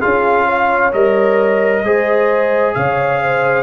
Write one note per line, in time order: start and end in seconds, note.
0.00 0.94 C#4
0.00 0.93 F4
0.00 0.45 G#4
0.00 0.93 F5
0.47 1.83 C#5
0.93 1.84 G3
0.93 1.84 A#4
0.93 2.75 D#5
1.84 2.75 G#3
1.84 3.63 G#4
1.84 2.77 C5
2.75 3.63 C#3
2.75 3.22 C#5
2.75 3.63 F5
3.23 3.63 C5